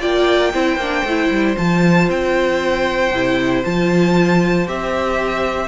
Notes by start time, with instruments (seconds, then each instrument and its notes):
0.00 cello A#3, viola F4, violin D5 G5
0.52 cello C4, viola E4, violin C5
0.76 cello A#3, viola D4
1.04 cello A3, viola E4
1.30 cello G3
1.55 cello F3, viola F4, violin A5
2.09 cello C4, violin G5
3.11 cello C3, viola E4
3.64 cello F3, viola F4, violin A5
4.66 cello C4, viola G4, violin E5